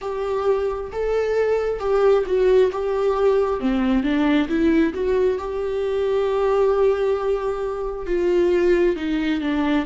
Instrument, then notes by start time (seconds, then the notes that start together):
viola
0.01 G4
0.92 A4
1.79 G4
2.26 F#4
2.72 G4
3.59 C4
4.03 D4
4.48 E4
4.93 F#4
5.38 G4
8.06 F4
8.96 D#4
9.40 D4